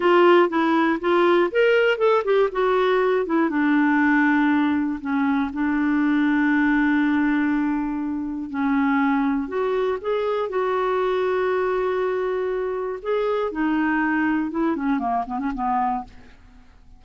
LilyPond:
\new Staff \with { instrumentName = "clarinet" } { \time 4/4 \tempo 4 = 120 f'4 e'4 f'4 ais'4 | a'8 g'8 fis'4. e'8 d'4~ | d'2 cis'4 d'4~ | d'1~ |
d'4 cis'2 fis'4 | gis'4 fis'2.~ | fis'2 gis'4 dis'4~ | dis'4 e'8 cis'8 ais8 b16 cis'16 b4 | }